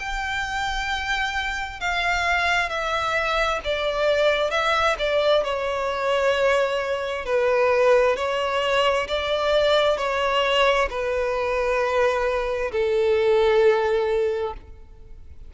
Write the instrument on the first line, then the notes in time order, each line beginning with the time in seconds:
violin
0.00 G5
1.81 F5
2.70 E5
3.64 D5
4.51 E5
4.99 D5
5.44 C#5
7.26 B4
8.17 C#5
9.08 D5
9.98 C#5
10.90 B4
12.72 A4